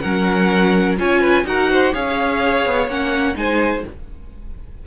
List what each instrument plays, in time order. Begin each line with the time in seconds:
0.00 cello F#3, viola C#4, violin A#4 F#5
0.97 cello C#4, viola F4, violin C#5 G#5
1.20 violin B4
1.44 cello D#4, viola F#4, violin A#4 F#5
1.71 violin C5
1.93 cello C#4, viola G#4, violin C#5 F5
2.66 cello B3
2.87 cello A#3, viola C#4, violin F#5
3.34 cello G#3, viola D#4, violin C5 G#5